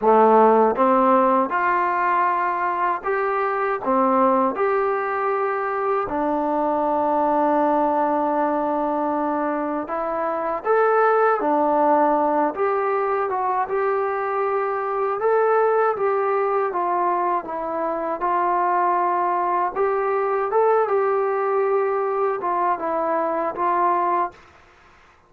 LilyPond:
\new Staff \with { instrumentName = "trombone" } { \time 4/4 \tempo 4 = 79 a4 c'4 f'2 | g'4 c'4 g'2 | d'1~ | d'4 e'4 a'4 d'4~ |
d'8 g'4 fis'8 g'2 | a'4 g'4 f'4 e'4 | f'2 g'4 a'8 g'8~ | g'4. f'8 e'4 f'4 | }